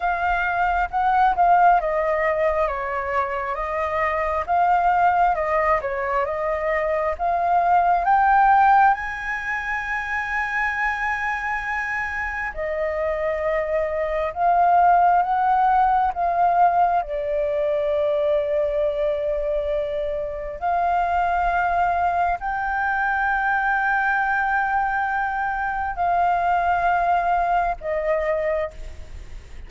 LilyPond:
\new Staff \with { instrumentName = "flute" } { \time 4/4 \tempo 4 = 67 f''4 fis''8 f''8 dis''4 cis''4 | dis''4 f''4 dis''8 cis''8 dis''4 | f''4 g''4 gis''2~ | gis''2 dis''2 |
f''4 fis''4 f''4 d''4~ | d''2. f''4~ | f''4 g''2.~ | g''4 f''2 dis''4 | }